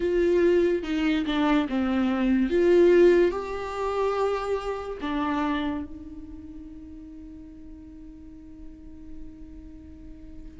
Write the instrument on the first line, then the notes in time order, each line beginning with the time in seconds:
viola
0.00 F4
0.83 D#4
1.26 D4
1.68 C4
2.50 F4
3.31 G4
5.01 D4
5.84 D#4